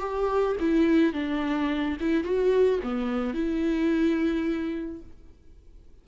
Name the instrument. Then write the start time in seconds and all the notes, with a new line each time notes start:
viola
0.00 G4
0.60 E4
1.13 D4
2.00 E4
2.24 F#4
2.83 B3
3.34 E4